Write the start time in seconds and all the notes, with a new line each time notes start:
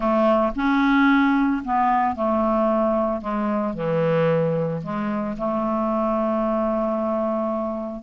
0.00 A3
0.55 C#4
1.64 B3
2.15 A3
3.21 G#3
3.74 E3
4.82 G#3
5.37 A3